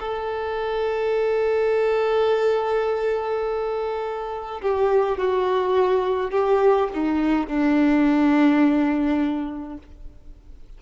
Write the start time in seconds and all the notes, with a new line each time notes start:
0.00 A4
4.62 G4
5.18 F#4
6.31 G4
6.94 D#4
7.47 D4